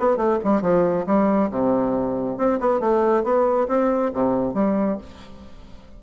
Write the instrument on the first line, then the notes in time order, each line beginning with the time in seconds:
bassoon
0.00 B3
0.17 A3
0.45 G3
0.62 F3
1.07 G3
1.51 C3
2.38 C4
2.61 B3
2.80 A3
3.24 B3
3.68 C4
4.14 C3
4.54 G3